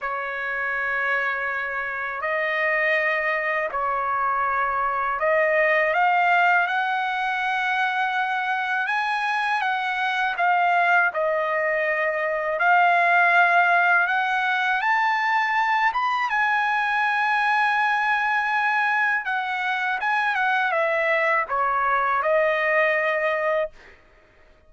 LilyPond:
\new Staff \with { instrumentName = "trumpet" } { \time 4/4 \tempo 4 = 81 cis''2. dis''4~ | dis''4 cis''2 dis''4 | f''4 fis''2. | gis''4 fis''4 f''4 dis''4~ |
dis''4 f''2 fis''4 | a''4. b''8 gis''2~ | gis''2 fis''4 gis''8 fis''8 | e''4 cis''4 dis''2 | }